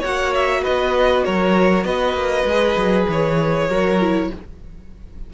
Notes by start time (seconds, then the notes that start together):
0.00 A#3 F#4 C#5 F#5
0.34 E5
0.63 B3 B4 D#5
1.25 F#3 A#4 C#5
1.84 B3 B4 D#5
2.14 A#3
2.46 G#3 G#4
2.77 F#3
3.08 E3 C#5
3.69 F#3 F#4 A#4
4.01 E4